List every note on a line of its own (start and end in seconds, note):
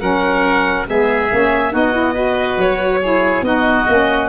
0.00 0.87 F#3
0.00 0.86 C#4
0.00 0.87 A#4
0.00 0.86 F#5
0.86 1.32 G#3
0.86 1.29 B3
0.86 1.73 G#4
0.86 1.75 E5
1.30 1.73 A#3
1.30 1.72 C#4
1.72 2.57 B3
1.72 1.93 D#4
1.72 2.14 F#4
1.72 2.61 D#5
1.93 2.14 E4
2.14 3.00 F#4
2.14 3.00 B4
2.57 3.42 F#3
2.57 3.44 C#5
3.02 3.44 E4
3.02 3.45 G#4
3.42 3.85 B3
3.42 3.87 D#4
3.42 4.29 F#4
3.42 4.29 D#5
3.88 4.29 A#3
3.88 4.29 C#4